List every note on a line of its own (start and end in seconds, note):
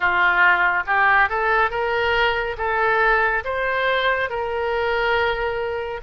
0.00 0.83 F4
0.86 1.29 G4
1.29 1.70 A4
1.70 2.56 A#4
2.57 3.43 A4
3.44 4.29 C5
4.29 6.00 A#4